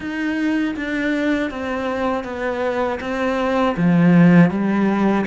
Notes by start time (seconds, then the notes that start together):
0.00 D#4
0.76 D4
1.50 C4
2.24 B3
3.00 C4
3.77 F3
4.50 G3